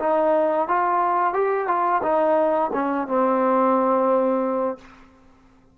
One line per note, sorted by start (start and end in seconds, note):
0.00 0.68 D#4
0.68 1.34 F4
1.34 1.68 G4
1.68 2.02 F4
2.03 2.71 D#4
2.74 3.08 C#4
3.08 4.79 C4